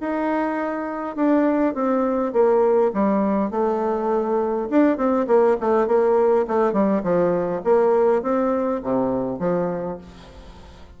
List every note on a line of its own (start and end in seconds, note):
0.00 1.16 D#4
1.16 1.74 D4
1.74 2.32 C4
2.32 2.91 A#3
2.93 3.51 G3
3.51 4.68 A3
4.70 4.97 D4
4.97 5.26 C4
5.27 5.56 A#3
5.60 5.87 A3
5.87 6.46 A#3
6.47 6.72 A3
6.72 7.02 G3
7.03 7.61 F3
7.63 8.22 A#3
8.22 8.81 C4
8.83 9.39 C3
9.39 9.98 F3